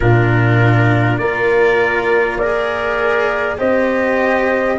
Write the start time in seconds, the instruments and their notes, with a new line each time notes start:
0.00 tuba A#2, cello D4, horn F4, trumpet A#4
1.18 tuba A#3, cello F4, horn A#4, trumpet D5
2.38 cello G#4, trumpet A#4, horn D5
3.58 tuba C4, cello G4, horn C5, trumpet D#5